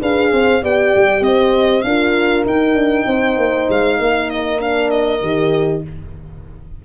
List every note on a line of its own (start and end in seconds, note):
0.00 0.32 D4
0.00 0.62 G#4
0.00 0.31 B4
0.00 0.64 F5
0.32 0.63 C4
0.32 0.63 C5
0.62 0.94 B3
0.62 1.84 G4
0.62 1.24 D5
0.62 1.23 G5
0.96 1.21 G3
1.21 1.82 C4
1.21 1.86 C5
1.21 1.82 D#5
1.82 2.45 D4
1.82 2.47 F4
1.82 3.07 A#4
1.82 2.43 F5
2.46 2.74 D#4
2.46 4.60 D#4
2.46 3.70 G5
2.74 3.05 D4
3.07 3.37 C4
3.07 3.99 C5
3.37 3.67 A#3
3.69 3.99 G#3
3.69 4.30 F5
3.99 5.22 A#3
3.99 5.85 A#4
4.30 4.61 D#5
4.60 5.21 D4
4.60 4.90 F5
4.90 5.82 D#5
5.22 5.83 D#3
5.22 5.83 G4